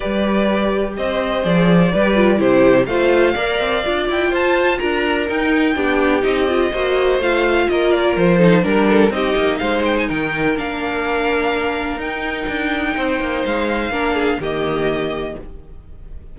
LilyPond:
<<
  \new Staff \with { instrumentName = "violin" } { \time 4/4 \tempo 4 = 125 d''2 dis''4 d''4~ | d''4 c''4 f''2~ | f''8 g''8 a''4 ais''4 g''4~ | g''4 dis''2 f''4 |
dis''8 d''8 c''4 ais'4 dis''4 | f''8 g''16 gis''16 g''4 f''2~ | f''4 g''2. | f''2 dis''2 | }
  \new Staff \with { instrumentName = "violin" } { \time 4/4 b'2 c''2 | b'4 g'4 c''4 d''4~ | d''4 c''4 ais'2 | g'2 c''2 |
ais'4. a'8 ais'8 a'8 g'4 | c''4 ais'2.~ | ais'2. c''4~ | c''4 ais'8 gis'8 g'2 | }
  \new Staff \with { instrumentName = "viola" } { \time 4/4 g'2. gis'4 | g'8 f'8 e'4 f'4 ais'4 | f'2. dis'4 | d'4 dis'8 f'8 fis'4 f'4~ |
f'4. dis'8 d'4 dis'4~ | dis'2 d'2~ | d'4 dis'2.~ | dis'4 d'4 ais2 | }
  \new Staff \with { instrumentName = "cello" } { \time 4/4 g2 c'4 f4 | g4 c4 a4 ais8 c'8 | d'8 e'8 f'4 d'4 dis'4 | b4 c'4 ais4 a4 |
ais4 f4 g4 c'8 ais8 | gis4 dis4 ais2~ | ais4 dis'4 d'4 c'8 ais8 | gis4 ais4 dis2 | }
>>